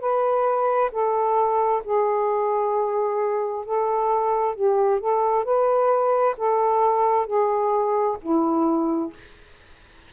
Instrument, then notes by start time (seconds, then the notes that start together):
saxophone
0.00 B4
0.91 A4
1.84 G#4
3.65 A4
4.55 G4
5.00 A4
5.45 B4
6.37 A4
7.26 G#4
8.22 E4